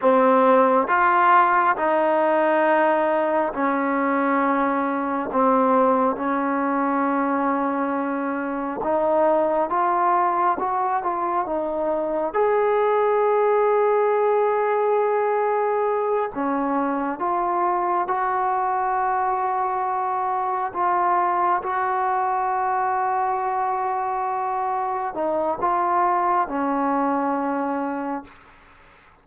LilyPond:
\new Staff \with { instrumentName = "trombone" } { \time 4/4 \tempo 4 = 68 c'4 f'4 dis'2 | cis'2 c'4 cis'4~ | cis'2 dis'4 f'4 | fis'8 f'8 dis'4 gis'2~ |
gis'2~ gis'8 cis'4 f'8~ | f'8 fis'2. f'8~ | f'8 fis'2.~ fis'8~ | fis'8 dis'8 f'4 cis'2 | }